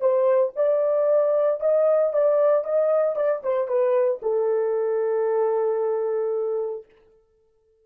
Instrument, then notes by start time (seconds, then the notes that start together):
horn
0.00 C5
0.56 D5
1.60 D#5
2.13 D5
2.64 D#5
3.16 D5
3.43 C5
3.68 B4
4.22 A4